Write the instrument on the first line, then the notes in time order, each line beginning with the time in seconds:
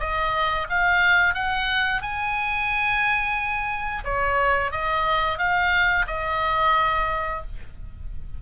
oboe
0.00 D#5
0.70 F5
1.34 F#5
2.02 G#5
4.04 C#5
4.71 D#5
5.38 F5
6.07 D#5